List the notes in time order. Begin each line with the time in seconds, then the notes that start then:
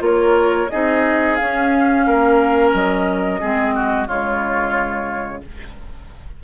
0.00 A#3 F4 A#4 C#5
0.70 C4 D#4 G#4 D#5
1.36 C#4 F5
2.07 A#3 A#4
2.74 F#3 D#5
3.41 G#3 C4 G#4
3.75 F#4
4.07 C#3 G#3 F4 C#5